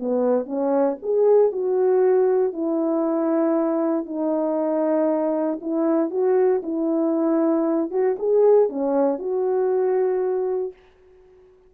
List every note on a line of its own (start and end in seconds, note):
0.00 0.46 B3
0.46 0.97 C#4
1.03 1.52 G#4
1.52 2.53 F#4
2.53 4.06 E4
4.06 5.60 D#4
5.61 6.11 E4
6.11 6.62 F#4
6.63 7.91 E4
7.91 8.17 F#4
8.19 8.69 G#4
8.69 9.19 C#4
9.19 10.73 F#4